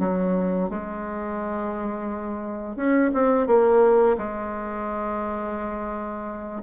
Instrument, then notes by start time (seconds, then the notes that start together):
bassoon
0.00 F#3
0.70 G#3
2.77 C#4
3.14 C4
3.47 A#3
4.18 G#3